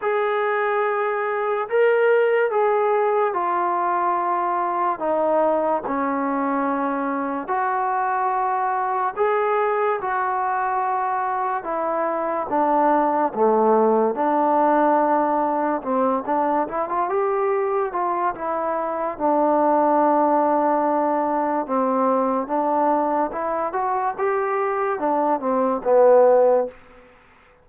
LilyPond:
\new Staff \with { instrumentName = "trombone" } { \time 4/4 \tempo 4 = 72 gis'2 ais'4 gis'4 | f'2 dis'4 cis'4~ | cis'4 fis'2 gis'4 | fis'2 e'4 d'4 |
a4 d'2 c'8 d'8 | e'16 f'16 g'4 f'8 e'4 d'4~ | d'2 c'4 d'4 | e'8 fis'8 g'4 d'8 c'8 b4 | }